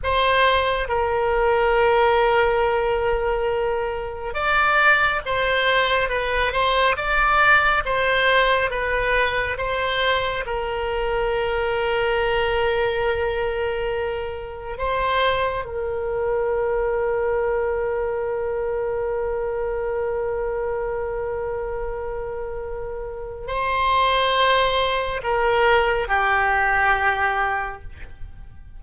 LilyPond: \new Staff \with { instrumentName = "oboe" } { \time 4/4 \tempo 4 = 69 c''4 ais'2.~ | ais'4 d''4 c''4 b'8 c''8 | d''4 c''4 b'4 c''4 | ais'1~ |
ais'4 c''4 ais'2~ | ais'1~ | ais'2. c''4~ | c''4 ais'4 g'2 | }